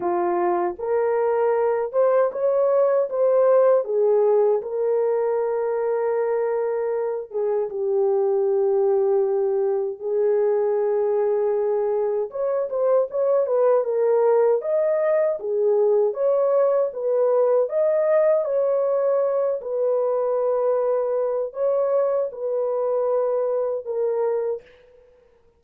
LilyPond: \new Staff \with { instrumentName = "horn" } { \time 4/4 \tempo 4 = 78 f'4 ais'4. c''8 cis''4 | c''4 gis'4 ais'2~ | ais'4. gis'8 g'2~ | g'4 gis'2. |
cis''8 c''8 cis''8 b'8 ais'4 dis''4 | gis'4 cis''4 b'4 dis''4 | cis''4. b'2~ b'8 | cis''4 b'2 ais'4 | }